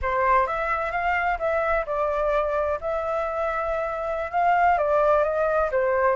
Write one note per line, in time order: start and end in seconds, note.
0.02 0.46 C5
0.46 0.91 E5
0.91 1.38 F5
1.38 1.85 E5
1.86 2.79 D5
2.80 4.31 E5
4.31 4.77 F5
4.78 5.23 D5
5.23 5.70 D#5
5.71 6.15 C5